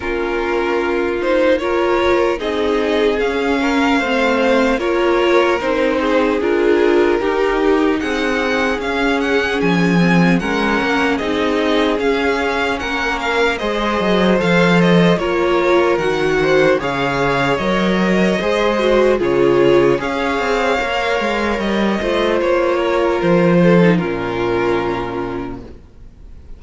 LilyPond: <<
  \new Staff \with { instrumentName = "violin" } { \time 4/4 \tempo 4 = 75 ais'4. c''8 cis''4 dis''4 | f''2 cis''4 c''4 | ais'2 fis''4 f''8 fis''8 | gis''4 fis''4 dis''4 f''4 |
fis''8 f''8 dis''4 f''8 dis''8 cis''4 | fis''4 f''4 dis''2 | cis''4 f''2 dis''4 | cis''4 c''4 ais'2 | }
  \new Staff \with { instrumentName = "violin" } { \time 4/4 f'2 ais'4 gis'4~ | gis'8 ais'8 c''4 ais'4. gis'8~ | gis'4 g'4 gis'2~ | gis'4 ais'4 gis'2 |
ais'4 c''2 ais'4~ | ais'8 c''8 cis''2 c''4 | gis'4 cis''2~ cis''8 c''8~ | c''8 ais'4 a'8 f'2 | }
  \new Staff \with { instrumentName = "viola" } { \time 4/4 cis'4. dis'8 f'4 dis'4 | cis'4 c'4 f'4 dis'4 | f'4 dis'2 cis'4~ | cis'8 c'8 cis'4 dis'4 cis'4~ |
cis'4 gis'4 a'4 f'4 | fis'4 gis'4 ais'4 gis'8 fis'8 | f'4 gis'4 ais'4. f'8~ | f'4.~ f'16 dis'16 cis'2 | }
  \new Staff \with { instrumentName = "cello" } { \time 4/4 ais2. c'4 | cis'4 a4 ais4 c'4 | d'4 dis'4 c'4 cis'4 | f4 gis8 ais8 c'4 cis'4 |
ais4 gis8 fis8 f4 ais4 | dis4 cis4 fis4 gis4 | cis4 cis'8 c'8 ais8 gis8 g8 a8 | ais4 f4 ais,2 | }
>>